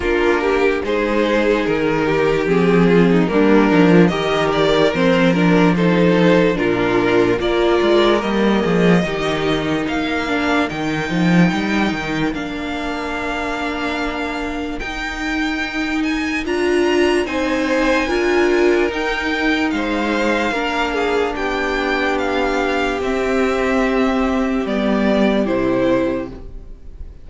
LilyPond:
<<
  \new Staff \with { instrumentName = "violin" } { \time 4/4 \tempo 4 = 73 ais'4 c''4 ais'4 gis'4 | ais'4 dis''8 d''8 c''8 ais'8 c''4 | ais'4 d''4 dis''2 | f''4 g''2 f''4~ |
f''2 g''4. gis''8 | ais''4 gis''2 g''4 | f''2 g''4 f''4 | e''2 d''4 c''4 | }
  \new Staff \with { instrumentName = "violin" } { \time 4/4 f'8 g'8 gis'4. g'4 f'16 dis'16 | d'4 ais'2 a'4 | f'4 ais'4. gis'8 g'4 | ais'1~ |
ais'1~ | ais'4 c''4 ais'2 | c''4 ais'8 gis'8 g'2~ | g'1 | }
  \new Staff \with { instrumentName = "viola" } { \time 4/4 d'4 dis'2 c'4 | ais8 dis'16 f16 g'4 c'8 d'8 dis'4 | d'4 f'4 ais4 dis'4~ | dis'8 d'8 dis'2 d'4~ |
d'2 dis'2 | f'4 dis'4 f'4 dis'4~ | dis'4 d'2. | c'2 b4 e'4 | }
  \new Staff \with { instrumentName = "cello" } { \time 4/4 ais4 gis4 dis4 f4 | g8 f8 dis4 f2 | ais,4 ais8 gis8 g8 f8 dis4 | ais4 dis8 f8 g8 dis8 ais4~ |
ais2 dis'2 | d'4 c'4 d'4 dis'4 | gis4 ais4 b2 | c'2 g4 c4 | }
>>